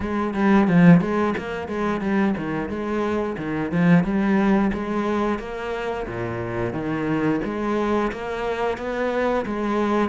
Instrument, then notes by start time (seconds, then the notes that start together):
cello
0.00 G#3
0.34 G3
0.67 F3
1.00 G#3
1.37 A#3
1.67 G#3
2.00 G3
2.37 D#3
2.69 G#3
3.37 D#3
3.71 F3
4.04 G3
4.73 G#3
5.38 A#3
6.06 A#2
6.73 D#3
7.44 G#3
8.12 A#3
8.77 B3
9.45 G#3